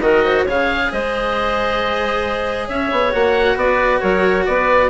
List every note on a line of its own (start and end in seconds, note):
0.00 0.44 D#3
0.00 0.47 F#4
0.00 0.24 A#4
0.00 0.45 D#5
0.24 0.44 C5
0.44 0.92 C#3
0.44 3.12 G#4
0.44 0.89 C#5
0.44 0.92 F5
0.92 2.68 G#3
0.92 2.67 C5
0.92 2.68 D#5
2.67 2.91 C#4
2.67 3.56 C#5
2.67 3.13 E5
2.91 3.13 B3
3.12 3.56 A#3
3.12 4.89 F#4
3.12 3.58 F#5
3.56 4.00 B3
3.56 4.01 B4
3.56 4.00 D5
4.00 4.47 F#3
4.00 4.45 A#4
4.00 4.44 C#5
4.46 4.90 B3
4.46 4.90 B4
4.46 4.90 D5